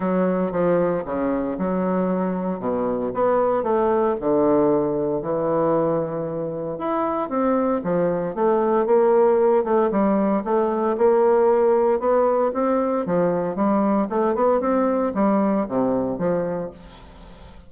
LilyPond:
\new Staff \with { instrumentName = "bassoon" } { \time 4/4 \tempo 4 = 115 fis4 f4 cis4 fis4~ | fis4 b,4 b4 a4 | d2 e2~ | e4 e'4 c'4 f4 |
a4 ais4. a8 g4 | a4 ais2 b4 | c'4 f4 g4 a8 b8 | c'4 g4 c4 f4 | }